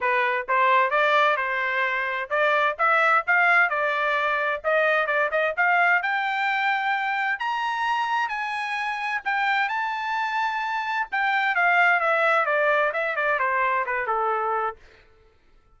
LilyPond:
\new Staff \with { instrumentName = "trumpet" } { \time 4/4 \tempo 4 = 130 b'4 c''4 d''4 c''4~ | c''4 d''4 e''4 f''4 | d''2 dis''4 d''8 dis''8 | f''4 g''2. |
ais''2 gis''2 | g''4 a''2. | g''4 f''4 e''4 d''4 | e''8 d''8 c''4 b'8 a'4. | }